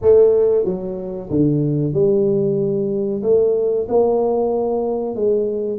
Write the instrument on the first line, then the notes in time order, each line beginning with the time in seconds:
tuba
0.01 A3
0.65 F#3
1.30 D3
1.93 G3
3.23 A3
3.89 A#3
5.15 G#3